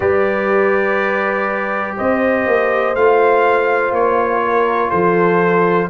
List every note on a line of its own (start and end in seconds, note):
0.00 1.97 G3
0.00 2.95 G4
0.00 1.95 B4
0.00 1.97 D5
1.96 2.46 C4
1.96 4.42 C5
1.96 2.95 D#5
2.46 2.94 A#3
2.94 3.91 A3
2.94 5.89 F4
2.94 3.93 F5
3.91 4.90 A#3
3.91 4.90 C#5
4.43 4.90 A#4
4.90 5.89 F3
4.90 5.88 A4
4.90 5.88 C5